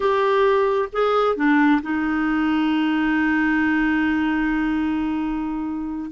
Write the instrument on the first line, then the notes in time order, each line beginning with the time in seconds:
clarinet
0.00 G4
0.92 G#4
1.36 D4
1.82 D#4